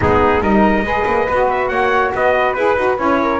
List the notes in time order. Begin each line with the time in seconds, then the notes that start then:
0.00 G#3 B3 D#4 G#4
0.41 G3 D#4 A#4 D#5
0.82 G#3 G#4 B4
1.06 A#3
1.28 B3 F#4
1.49 E5
1.68 A#3 C#5 F#5
2.14 B3 B4 D#5
2.53 E4 G#4 B4
2.76 D#4 F#4
2.97 C#4 E4 C#5
3.21 A#4